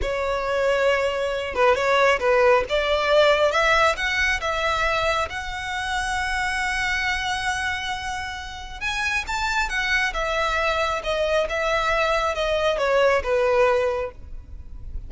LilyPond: \new Staff \with { instrumentName = "violin" } { \time 4/4 \tempo 4 = 136 cis''2.~ cis''8 b'8 | cis''4 b'4 d''2 | e''4 fis''4 e''2 | fis''1~ |
fis''1 | gis''4 a''4 fis''4 e''4~ | e''4 dis''4 e''2 | dis''4 cis''4 b'2 | }